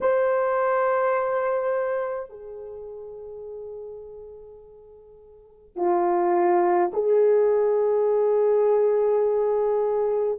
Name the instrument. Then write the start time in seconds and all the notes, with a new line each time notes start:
horn
0.01 C5
2.29 G#4
5.75 F4
6.93 G#4